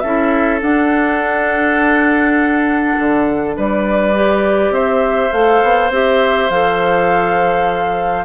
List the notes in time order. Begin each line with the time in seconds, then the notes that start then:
0.00 C#4 E4 A4 E5
0.61 D4 F#5
2.99 D3
3.57 G3 B4 D5
4.14 G4
4.70 C4 C5 E5
5.31 A3 A4 F5
5.64 B3
5.90 C4 G4 E5
6.50 F3 A4 F5